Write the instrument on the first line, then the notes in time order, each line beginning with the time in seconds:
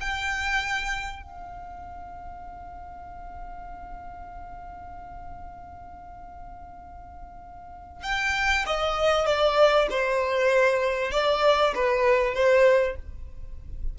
violin
0.00 G5
1.22 F5
8.03 G5
8.66 D#5
9.26 D5
9.90 C5
11.11 D5
11.75 B4
12.34 C5